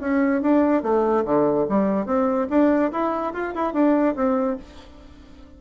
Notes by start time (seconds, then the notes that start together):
0.00 C#4
0.42 D4
0.82 A3
1.25 D3
1.69 G3
2.05 C4
2.49 D4
2.91 E4
3.33 F4
3.55 E4
3.73 D4
4.15 C4